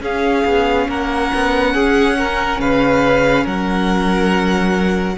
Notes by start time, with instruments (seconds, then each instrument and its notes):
0.00 viola C#4, cello C#4, violin G#4 F5
0.45 cello B3
0.89 cello A#3, violin A#4 F#5
1.35 cello B3
1.75 cello C#4, violin G#4
2.18 violin A#4
2.59 cello C#3, violin B4 F5
3.44 cello F#3, violin A#4 F#5